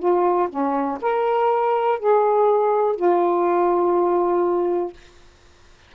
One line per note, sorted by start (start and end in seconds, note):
0.00 0.49 F4
0.50 0.99 C#4
1.02 2.00 A#4
2.00 2.97 G#4
2.97 4.94 F4